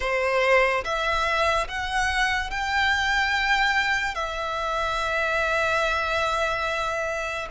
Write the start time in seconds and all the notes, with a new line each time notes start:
0.00 C5
0.84 E5
1.68 F#5
2.50 G5
4.14 E5